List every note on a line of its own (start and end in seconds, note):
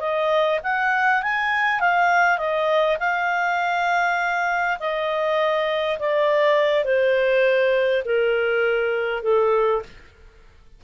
0.00 0.59 D#5
0.63 1.22 F#5
1.22 1.80 G#5
1.80 2.38 F5
2.38 2.97 D#5
2.99 4.78 F5
4.80 5.98 D#5
5.99 6.84 D5
6.84 8.03 C5
8.04 9.23 A#4
9.23 9.82 A4